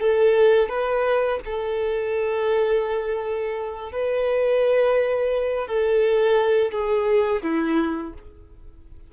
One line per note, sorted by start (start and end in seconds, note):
0.00 0.69 A4
0.69 1.39 B4
1.45 3.92 A4
3.92 5.67 B4
5.67 6.72 A4
6.72 7.42 G#4
7.42 8.13 E4